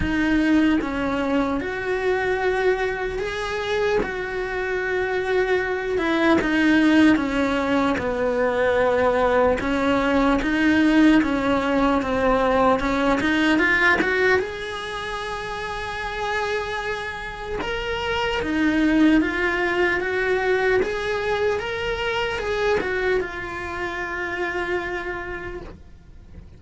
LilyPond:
\new Staff \with { instrumentName = "cello" } { \time 4/4 \tempo 4 = 75 dis'4 cis'4 fis'2 | gis'4 fis'2~ fis'8 e'8 | dis'4 cis'4 b2 | cis'4 dis'4 cis'4 c'4 |
cis'8 dis'8 f'8 fis'8 gis'2~ | gis'2 ais'4 dis'4 | f'4 fis'4 gis'4 ais'4 | gis'8 fis'8 f'2. | }